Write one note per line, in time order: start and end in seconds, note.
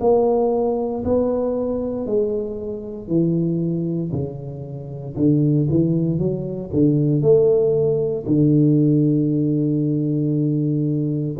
0.00 1.03 A#3
1.04 2.06 B3
2.06 3.08 G#3
3.08 4.11 E3
4.12 5.16 C#3
5.16 5.68 D3
5.69 6.18 E3
6.18 6.70 F#3
6.73 7.21 D3
7.21 8.25 A3
8.26 11.37 D3